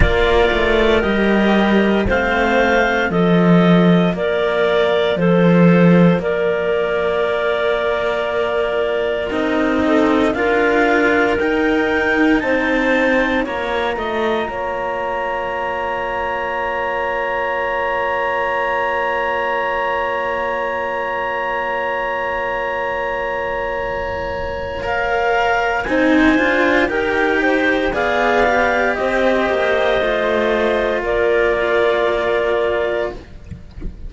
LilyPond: <<
  \new Staff \with { instrumentName = "clarinet" } { \time 4/4 \tempo 4 = 58 d''4 dis''4 f''4 dis''4 | d''4 c''4 d''2~ | d''4 dis''4 f''4 g''4 | a''4 ais''2.~ |
ais''1~ | ais''1 | f''4 gis''4 g''4 f''4 | dis''2 d''2 | }
  \new Staff \with { instrumentName = "clarinet" } { \time 4/4 ais'2 c''4 a'4 | ais'4 a'4 ais'2~ | ais'4. a'8 ais'2 | c''4 cis''8 dis''8 cis''2~ |
cis''1~ | cis''1~ | cis''4 c''4 ais'8 c''8 d''4 | c''2 ais'2 | }
  \new Staff \with { instrumentName = "cello" } { \time 4/4 f'4 g'4 c'4 f'4~ | f'1~ | f'4 dis'4 f'4 dis'4~ | dis'4 f'2.~ |
f'1~ | f'1 | ais'4 dis'8 f'8 g'4 gis'8 g'8~ | g'4 f'2. | }
  \new Staff \with { instrumentName = "cello" } { \time 4/4 ais8 a8 g4 a4 f4 | ais4 f4 ais2~ | ais4 c'4 d'4 dis'4 | c'4 ais8 a8 ais2~ |
ais1~ | ais1~ | ais4 c'8 d'8 dis'4 b4 | c'8 ais8 a4 ais2 | }
>>